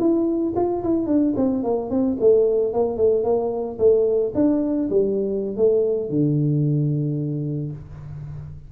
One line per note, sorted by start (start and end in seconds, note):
0.00 0.54 E4
0.56 0.83 F4
0.84 1.07 E4
1.07 1.34 D4
1.37 1.64 C4
1.64 1.90 A#3
1.90 2.17 C4
2.21 2.73 A3
2.73 2.97 A#3
2.97 3.24 A3
3.24 3.78 A#3
3.79 4.33 A3
4.35 4.89 D4
4.90 5.57 G3
5.57 6.10 A3
6.10 7.72 D3